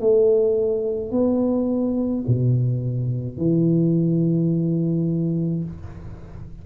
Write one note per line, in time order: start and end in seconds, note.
0.00 1.11 A3
1.11 2.24 B3
2.27 3.38 B2
3.38 5.64 E3